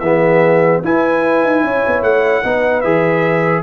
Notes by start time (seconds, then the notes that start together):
0.00 E3 B3 G#4 E5
0.84 E4 B4 G#5
1.44 D#4
1.64 C#4 C#5
1.87 B3
2.02 A3 F#5
2.45 B3 D#4 B4
2.81 E3 G#4 E5